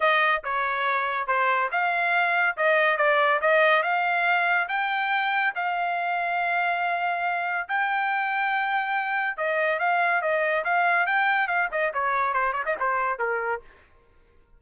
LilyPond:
\new Staff \with { instrumentName = "trumpet" } { \time 4/4 \tempo 4 = 141 dis''4 cis''2 c''4 | f''2 dis''4 d''4 | dis''4 f''2 g''4~ | g''4 f''2.~ |
f''2 g''2~ | g''2 dis''4 f''4 | dis''4 f''4 g''4 f''8 dis''8 | cis''4 c''8 cis''16 dis''16 c''4 ais'4 | }